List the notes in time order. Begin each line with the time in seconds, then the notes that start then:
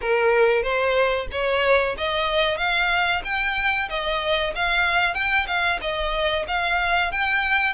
0.01 A#4
0.62 C5
1.31 C#5
1.97 D#5
2.57 F5
3.24 G5
3.89 D#5
4.55 F5
5.14 G5
5.47 F5
5.81 D#5
6.47 F5
7.11 G5